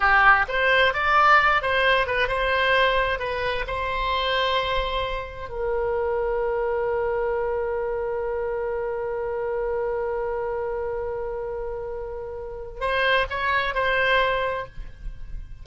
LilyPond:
\new Staff \with { instrumentName = "oboe" } { \time 4/4 \tempo 4 = 131 g'4 c''4 d''4. c''8~ | c''8 b'8 c''2 b'4 | c''1 | ais'1~ |
ais'1~ | ais'1~ | ais'1 | c''4 cis''4 c''2 | }